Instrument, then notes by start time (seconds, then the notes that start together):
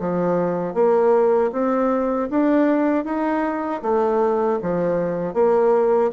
bassoon
0.00 F3
0.74 A#3
1.52 C4
2.30 D4
3.05 D#4
3.83 A3
4.62 F3
5.34 A#3